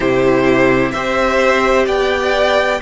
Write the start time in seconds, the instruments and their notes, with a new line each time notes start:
0.00 cello C3, viola E4, violin G4 C5
0.91 cello C4, viola G4, violin C5 E5
1.86 cello B3, violin D5 G5